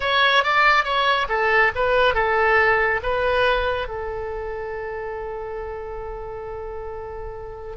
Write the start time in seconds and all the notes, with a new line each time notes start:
0.00 C#5
0.43 D5
0.84 C#5
1.29 A4
1.75 B4
2.14 A4
3.03 B4
3.88 A4